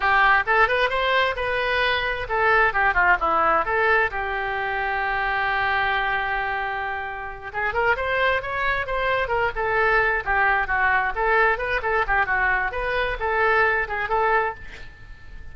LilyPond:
\new Staff \with { instrumentName = "oboe" } { \time 4/4 \tempo 4 = 132 g'4 a'8 b'8 c''4 b'4~ | b'4 a'4 g'8 f'8 e'4 | a'4 g'2.~ | g'1~ |
g'8 gis'8 ais'8 c''4 cis''4 c''8~ | c''8 ais'8 a'4. g'4 fis'8~ | fis'8 a'4 b'8 a'8 g'8 fis'4 | b'4 a'4. gis'8 a'4 | }